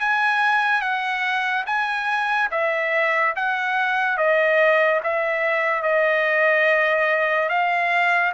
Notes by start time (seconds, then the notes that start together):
0.00 G#5
0.81 F#5
1.66 G#5
2.51 E5
3.36 F#5
4.17 D#5
5.03 E5
5.83 D#5
7.49 F5